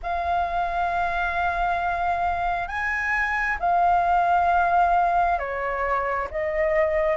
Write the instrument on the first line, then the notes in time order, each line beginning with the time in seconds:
flute
0.02 F5
2.67 G#5
3.59 F5
5.38 C#5
6.31 D#5